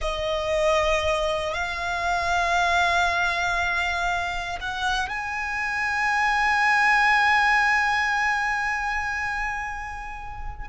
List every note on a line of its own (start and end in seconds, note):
0.01 1.53 D#5
1.53 4.58 F5
4.60 5.08 F#5
5.08 10.68 G#5